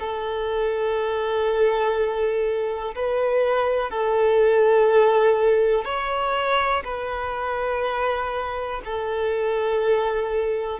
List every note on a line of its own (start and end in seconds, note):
0.00 2.95 A4
2.96 3.91 B4
3.91 5.85 A4
5.85 6.84 C#5
6.85 8.81 B4
8.85 10.80 A4